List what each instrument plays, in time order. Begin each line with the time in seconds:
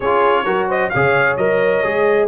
0.00 tuba C#4, trombone F4, horn G#4, trumpet C#5
0.45 tuba F#3, trombone F#4, horn A#4
0.68 horn C5, trumpet D#5
0.89 tuba C#3, trombone G#4, horn C#5, trumpet F5
1.37 tuba F#3, trombone A#4, trumpet D#5
1.83 tuba G#3, trombone G#4